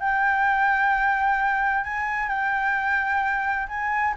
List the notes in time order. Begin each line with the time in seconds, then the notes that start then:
0.00 G5
1.84 G#5
2.29 G5
3.68 G#5